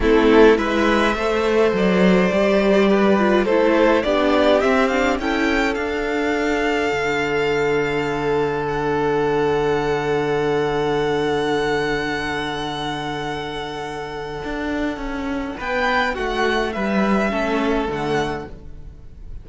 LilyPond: <<
  \new Staff \with { instrumentName = "violin" } { \time 4/4 \tempo 4 = 104 a'4 e''2 d''4~ | d''2 c''4 d''4 | e''8 f''8 g''4 f''2~ | f''2. fis''4~ |
fis''1~ | fis''1~ | fis''2. g''4 | fis''4 e''2 fis''4 | }
  \new Staff \with { instrumentName = "violin" } { \time 4/4 e'4 b'4 c''2~ | c''4 b'4 a'4 g'4~ | g'4 a'2.~ | a'1~ |
a'1~ | a'1~ | a'2. b'4 | fis'4 b'4 a'2 | }
  \new Staff \with { instrumentName = "viola" } { \time 4/4 c'4 e'4 a'2 | g'4. f'8 e'4 d'4 | c'8 d'8 e'4 d'2~ | d'1~ |
d'1~ | d'1~ | d'1~ | d'2 cis'4 a4 | }
  \new Staff \with { instrumentName = "cello" } { \time 4/4 a4 gis4 a4 fis4 | g2 a4 b4 | c'4 cis'4 d'2 | d1~ |
d1~ | d1~ | d4 d'4 cis'4 b4 | a4 g4 a4 d4 | }
>>